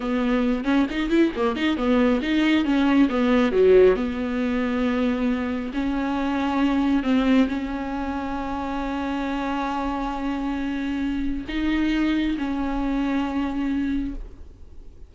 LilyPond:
\new Staff \with { instrumentName = "viola" } { \time 4/4 \tempo 4 = 136 b4. cis'8 dis'8 e'8 ais8 dis'8 | b4 dis'4 cis'4 b4 | fis4 b2.~ | b4 cis'2. |
c'4 cis'2.~ | cis'1~ | cis'2 dis'2 | cis'1 | }